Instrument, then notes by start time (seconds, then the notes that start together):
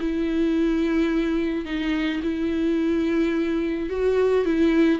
viola
0.00 E4
1.65 D#4
2.22 E4
3.89 F#4
4.45 E4